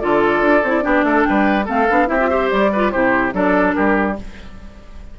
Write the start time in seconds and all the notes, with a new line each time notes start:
0.00 D3 F4 A4 D5
0.41 D4
0.63 C4 E4
0.82 B3 D4 G4
1.03 A3 A4
1.23 G3 B4 G5
1.65 A3 C4 A4 F5
1.90 B3 D4
2.07 C4 E4 G4 E5
2.20 F4
2.29 G4 C5
2.51 G3 D5
2.72 F4 B4
2.91 C3 E4 G4 C5
3.33 F#3 D4 A4 D5
3.74 G3 G4 A#4